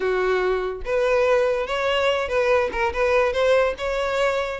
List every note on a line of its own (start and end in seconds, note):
0.00 0.81 F#4
0.85 1.66 B4
1.66 2.28 C#5
2.28 2.70 B4
2.71 2.92 A#4
2.93 3.32 B4
3.32 3.74 C5
3.77 4.60 C#5